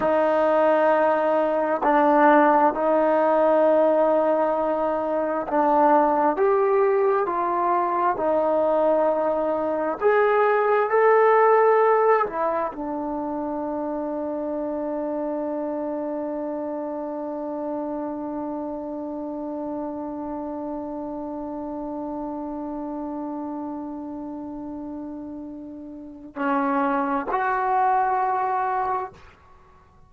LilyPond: \new Staff \with { instrumentName = "trombone" } { \time 4/4 \tempo 4 = 66 dis'2 d'4 dis'4~ | dis'2 d'4 g'4 | f'4 dis'2 gis'4 | a'4. e'8 d'2~ |
d'1~ | d'1~ | d'1~ | d'4 cis'4 fis'2 | }